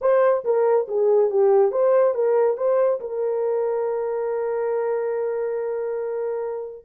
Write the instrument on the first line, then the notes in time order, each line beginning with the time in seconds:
horn
0.01 C5
0.44 A#4
0.88 G#4
1.30 G4
1.71 C5
2.14 A#4
2.57 C5
3.00 A#4